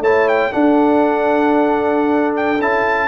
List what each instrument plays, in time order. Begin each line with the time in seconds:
0.00 tuba A3, trombone E4, horn C#5, trumpet A5
0.28 trumpet G5
0.51 trombone D4, tuba D4, horn A4, trumpet F#5
2.35 trumpet G5
2.60 tuba C#4, trombone E4, trumpet A5